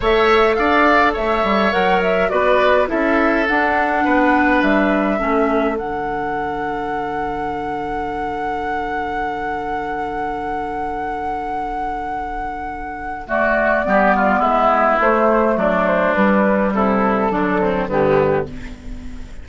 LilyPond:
<<
  \new Staff \with { instrumentName = "flute" } { \time 4/4 \tempo 4 = 104 e''4 f''4 e''4 fis''8 e''8 | d''4 e''4 fis''2 | e''2 fis''2~ | fis''1~ |
fis''1~ | fis''2. d''4~ | d''4 e''4 c''4 d''8 c''8 | b'4 a'2 g'4 | }
  \new Staff \with { instrumentName = "oboe" } { \time 4/4 cis''4 d''4 cis''2 | b'4 a'2 b'4~ | b'4 a'2.~ | a'1~ |
a'1~ | a'2. fis'4 | g'8 f'8 e'2 d'4~ | d'4 e'4 d'8 c'8 b4 | }
  \new Staff \with { instrumentName = "clarinet" } { \time 4/4 a'2. ais'4 | fis'4 e'4 d'2~ | d'4 cis'4 d'2~ | d'1~ |
d'1~ | d'2. a4 | b2 a2 | g2 fis4 d4 | }
  \new Staff \with { instrumentName = "bassoon" } { \time 4/4 a4 d'4 a8 g8 fis4 | b4 cis'4 d'4 b4 | g4 a4 d2~ | d1~ |
d1~ | d1 | g4 gis4 a4 fis4 | g4 c4 d4 g,4 | }
>>